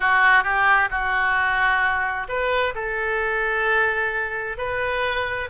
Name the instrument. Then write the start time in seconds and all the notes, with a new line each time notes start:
oboe
0.00 F#4
0.43 G4
0.90 F#4
2.28 B4
2.74 A4
4.57 B4